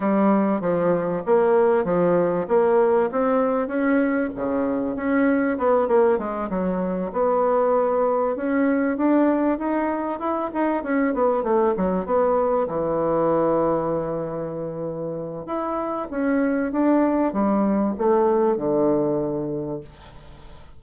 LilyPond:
\new Staff \with { instrumentName = "bassoon" } { \time 4/4 \tempo 4 = 97 g4 f4 ais4 f4 | ais4 c'4 cis'4 cis4 | cis'4 b8 ais8 gis8 fis4 b8~ | b4. cis'4 d'4 dis'8~ |
dis'8 e'8 dis'8 cis'8 b8 a8 fis8 b8~ | b8 e2.~ e8~ | e4 e'4 cis'4 d'4 | g4 a4 d2 | }